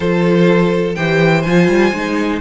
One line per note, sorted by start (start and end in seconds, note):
0.00 0.97 F3
0.00 0.95 F4
0.00 0.96 A4
0.00 0.94 C5
0.94 1.46 E3
0.94 1.44 G4
0.94 2.40 C5
0.94 1.42 G5
1.42 1.68 F3
1.42 1.94 F4
1.42 2.39 G#5
1.68 1.92 G3
1.92 2.40 G#3
1.92 2.40 D#4